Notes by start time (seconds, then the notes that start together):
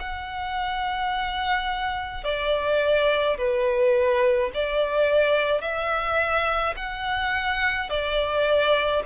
0.00 F#5
2.24 D5
3.38 B4
4.54 D5
5.61 E5
6.77 F#5
7.90 D5